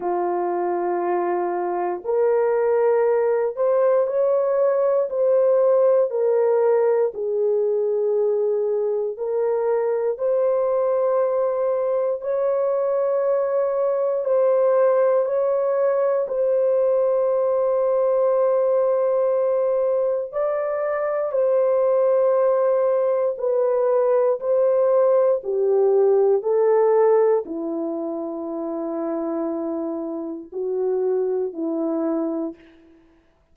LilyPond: \new Staff \with { instrumentName = "horn" } { \time 4/4 \tempo 4 = 59 f'2 ais'4. c''8 | cis''4 c''4 ais'4 gis'4~ | gis'4 ais'4 c''2 | cis''2 c''4 cis''4 |
c''1 | d''4 c''2 b'4 | c''4 g'4 a'4 e'4~ | e'2 fis'4 e'4 | }